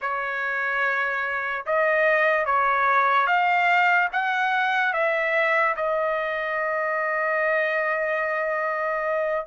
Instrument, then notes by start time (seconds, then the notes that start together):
trumpet
0.01 C#5
1.66 D#5
2.45 C#5
3.27 F5
4.12 F#5
4.93 E5
5.76 D#5